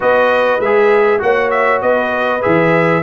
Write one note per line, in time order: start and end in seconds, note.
0.00 0.59 B3
0.00 0.60 F#4
0.00 1.21 B4
0.00 0.60 D#5
0.59 1.19 G#3
0.59 1.21 E5
0.65 1.19 G#4
1.19 1.82 A#3
1.19 2.40 F#4
1.19 1.82 C#5
1.19 1.50 F#5
1.50 1.80 E5
1.81 2.42 B3
1.81 3.02 B4
1.81 2.42 D#5
2.41 3.02 E3
2.41 3.02 G#4
2.41 3.02 E5